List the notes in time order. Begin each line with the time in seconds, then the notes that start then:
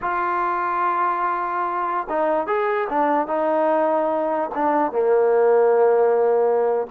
0.01 F4
2.09 D#4
2.47 G#4
2.89 D4
3.27 D#4
4.54 D4
4.92 A#3